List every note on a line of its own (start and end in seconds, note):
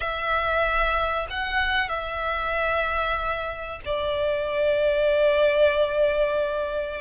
0.00 1.26 E5
1.29 1.89 F#5
1.89 3.80 E5
3.85 7.01 D5